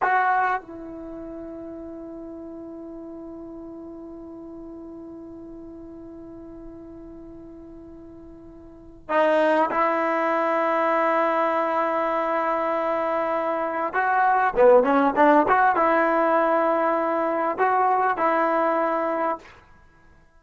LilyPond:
\new Staff \with { instrumentName = "trombone" } { \time 4/4 \tempo 4 = 99 fis'4 e'2.~ | e'1~ | e'1~ | e'2. dis'4 |
e'1~ | e'2. fis'4 | b8 cis'8 d'8 fis'8 e'2~ | e'4 fis'4 e'2 | }